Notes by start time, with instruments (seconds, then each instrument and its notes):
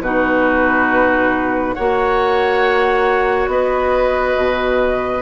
0.00 bassoon B2, clarinet D#4, oboe F#4, flute B4
1.74 bassoon A#3, clarinet F#4, oboe C#5, flute F#5
3.47 bassoon B3, oboe B4, flute D#5
4.36 bassoon B2